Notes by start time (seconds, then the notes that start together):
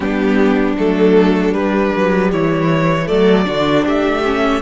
0.00 G3 B3 D4 G4
0.78 F#3 A3 A4
1.51 G3 B4
1.96 F#3
2.32 E3 E4 C#5
3.06 F#3 A3 A4 D5
3.44 D3 D4 F#4
3.85 A3 G4 E5
4.24 C#4